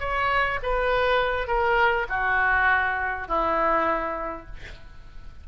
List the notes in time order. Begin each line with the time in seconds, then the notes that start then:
0.00 C#5
0.63 B4
1.47 A#4
2.09 F#4
3.28 E4